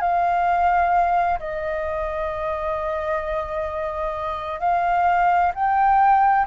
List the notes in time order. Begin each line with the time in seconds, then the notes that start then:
0.00 F5
1.39 D#5
4.59 F5
5.54 G5